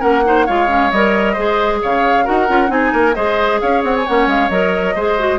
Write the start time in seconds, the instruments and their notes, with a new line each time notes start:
0.00 bassoon A#3, clarinet C#4, oboe A#4, flute F#5
0.25 clarinet D#4, oboe C5
0.46 bassoon G#3, clarinet F4, oboe C#5, flute F5
0.68 clarinet C#4
0.91 bassoon G3, clarinet A#4, flute D#5
1.33 bassoon G#3, clarinet G#4, oboe C5
1.83 bassoon C#3, oboe C#5, flute F5
2.25 bassoon D#4, clarinet F#4, oboe A#4, flute F#5
2.49 bassoon C#4, clarinet F4
2.68 bassoon C4, clarinet D#4, oboe G#4, flute G#5
2.93 bassoon A#3, oboe A#4
3.14 bassoon G#3, clarinet G#4, oboe C5, flute D#5
3.61 bassoon C#4, oboe C#5, flute F5
3.84 bassoon C4, flute F#5
3.96 flute G#5
4.07 bassoon A#3, clarinet C#4, flute F#5
4.27 bassoon G#3, flute F5
4.50 bassoon F#3, clarinet A#4, flute D#5
4.95 bassoon G#3, clarinet G#4, oboe C5
5.19 clarinet F#4